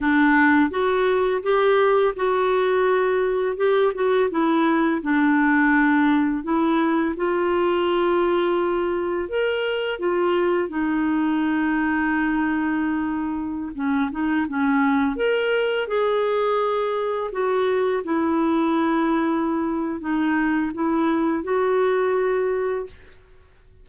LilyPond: \new Staff \with { instrumentName = "clarinet" } { \time 4/4 \tempo 4 = 84 d'4 fis'4 g'4 fis'4~ | fis'4 g'8 fis'8 e'4 d'4~ | d'4 e'4 f'2~ | f'4 ais'4 f'4 dis'4~ |
dis'2.~ dis'16 cis'8 dis'16~ | dis'16 cis'4 ais'4 gis'4.~ gis'16~ | gis'16 fis'4 e'2~ e'8. | dis'4 e'4 fis'2 | }